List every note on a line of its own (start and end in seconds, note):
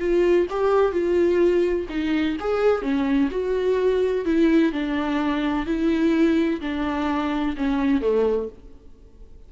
0.00 0.47 F4
0.50 0.92 G4
0.92 1.87 F4
1.90 2.37 D#4
2.41 2.82 G#4
2.82 3.30 C#4
3.31 4.26 F#4
4.26 4.73 E4
4.73 5.66 D4
5.66 6.61 E4
6.61 7.56 D4
7.57 8.02 C#4
8.02 8.49 A3